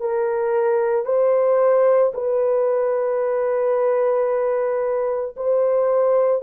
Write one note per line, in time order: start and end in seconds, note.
0.00 1.05 A#4
1.05 2.12 C5
2.14 5.35 B4
5.36 6.42 C5